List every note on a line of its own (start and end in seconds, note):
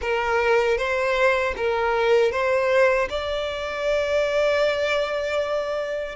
0.01 0.77 A#4
0.77 1.54 C5
1.56 2.31 A#4
2.31 3.08 C5
3.09 6.15 D5